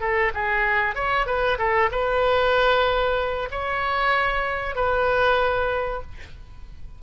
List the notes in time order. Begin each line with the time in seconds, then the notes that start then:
0.00 A4
0.34 G#4
0.95 C#5
1.26 B4
1.58 A4
1.91 B4
3.51 C#5
4.75 B4